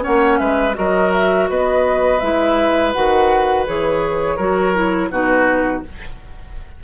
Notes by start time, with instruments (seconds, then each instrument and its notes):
0.00 clarinet C#4, oboe C#5, flute F#5
0.07 bassoon A#3
0.38 bassoon G#3, oboe B4, flute E5
0.74 bassoon F#3, clarinet F#4, oboe A#4, flute D#5
1.12 flute E5
1.49 bassoon B3, oboe B4, flute D#5
2.20 bassoon G#3, clarinet E4, flute E5
2.93 bassoon D#3, clarinet F#4, flute F#5
3.66 bassoon E3, clarinet G#4, flute C#5
4.36 bassoon F#3, clarinet F#4, oboe A#4
4.74 clarinet E4
5.11 bassoon B2, clarinet D#4, oboe F#4, flute B4